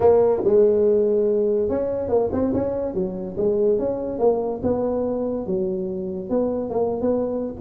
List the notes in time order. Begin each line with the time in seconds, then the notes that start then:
0.00 A#3
0.43 G#3
1.69 C#4
2.08 A#3
2.32 C4
2.53 C#4
2.94 F#3
3.37 G#3
3.78 C#4
4.18 A#3
4.62 B3
5.46 F#3
6.29 B3
6.70 A#3
7.01 B3